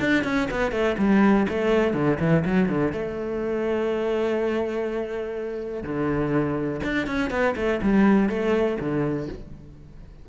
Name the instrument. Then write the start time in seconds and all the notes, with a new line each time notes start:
cello
0.00 D4
0.24 C#4
0.51 B3
0.72 A3
0.98 G3
1.49 A3
1.94 D3
2.20 E3
2.45 F#3
2.69 D3
2.93 A3
5.83 D3
6.84 D4
7.07 C#4
7.31 B3
7.56 A3
7.82 G3
8.29 A3
8.80 D3